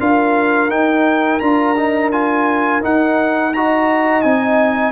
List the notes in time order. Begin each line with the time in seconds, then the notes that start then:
0.00 D4 F4 A#4 F5
0.69 D#4 G5
1.40 D4 F4 A#5
1.77 D#4
2.12 F4 G#5
2.82 D#4 F#5
3.54 F#4 D#5 A#5
4.22 C4 D#4 G#5